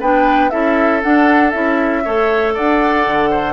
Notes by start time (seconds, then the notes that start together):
0.00 B3 D4 B4 G5
0.50 C#4 E4 A4 E5
1.02 D4 F#5
1.51 C#4 E4 E5
2.04 A3 A4 C#5
2.54 D4 D5 F#5
3.07 D3
3.30 C5